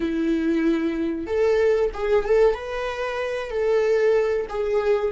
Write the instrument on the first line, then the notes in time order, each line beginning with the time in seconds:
viola
0.00 E4
1.26 A4
1.93 G#4
2.24 A4
2.54 B4
3.50 A4
4.49 G#4